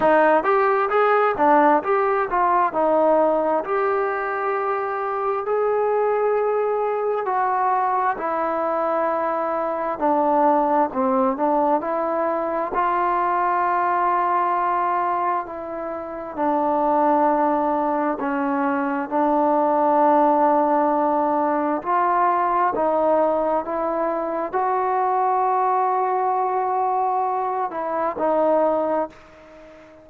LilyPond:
\new Staff \with { instrumentName = "trombone" } { \time 4/4 \tempo 4 = 66 dis'8 g'8 gis'8 d'8 g'8 f'8 dis'4 | g'2 gis'2 | fis'4 e'2 d'4 | c'8 d'8 e'4 f'2~ |
f'4 e'4 d'2 | cis'4 d'2. | f'4 dis'4 e'4 fis'4~ | fis'2~ fis'8 e'8 dis'4 | }